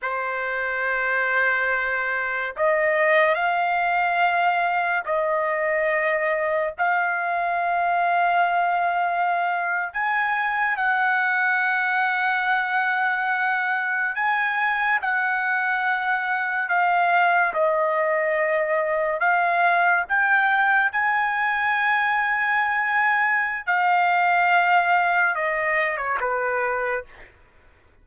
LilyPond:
\new Staff \with { instrumentName = "trumpet" } { \time 4/4 \tempo 4 = 71 c''2. dis''4 | f''2 dis''2 | f''2.~ f''8. gis''16~ | gis''8. fis''2.~ fis''16~ |
fis''8. gis''4 fis''2 f''16~ | f''8. dis''2 f''4 g''16~ | g''8. gis''2.~ gis''16 | f''2 dis''8. cis''16 b'4 | }